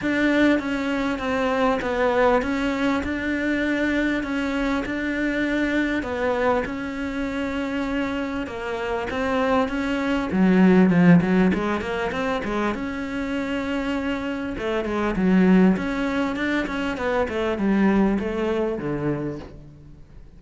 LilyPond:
\new Staff \with { instrumentName = "cello" } { \time 4/4 \tempo 4 = 99 d'4 cis'4 c'4 b4 | cis'4 d'2 cis'4 | d'2 b4 cis'4~ | cis'2 ais4 c'4 |
cis'4 fis4 f8 fis8 gis8 ais8 | c'8 gis8 cis'2. | a8 gis8 fis4 cis'4 d'8 cis'8 | b8 a8 g4 a4 d4 | }